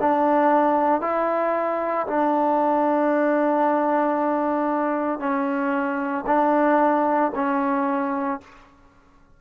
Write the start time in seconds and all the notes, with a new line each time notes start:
0.00 D4
1.01 E4
2.07 D4
5.19 C#4
6.27 D4
7.35 C#4